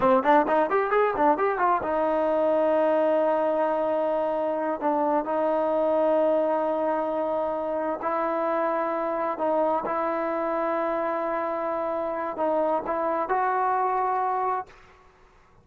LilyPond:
\new Staff \with { instrumentName = "trombone" } { \time 4/4 \tempo 4 = 131 c'8 d'8 dis'8 g'8 gis'8 d'8 g'8 f'8 | dis'1~ | dis'2~ dis'8 d'4 dis'8~ | dis'1~ |
dis'4. e'2~ e'8~ | e'8 dis'4 e'2~ e'8~ | e'2. dis'4 | e'4 fis'2. | }